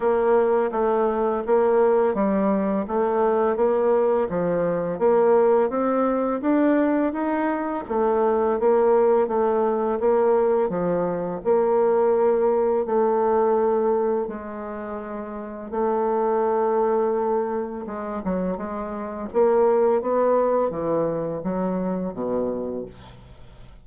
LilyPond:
\new Staff \with { instrumentName = "bassoon" } { \time 4/4 \tempo 4 = 84 ais4 a4 ais4 g4 | a4 ais4 f4 ais4 | c'4 d'4 dis'4 a4 | ais4 a4 ais4 f4 |
ais2 a2 | gis2 a2~ | a4 gis8 fis8 gis4 ais4 | b4 e4 fis4 b,4 | }